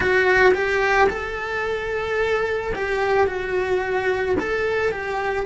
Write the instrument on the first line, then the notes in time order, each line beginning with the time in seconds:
cello
0.00 F#4
0.54 G4
1.09 A4
2.75 G4
3.26 F#4
4.39 A4
4.91 G4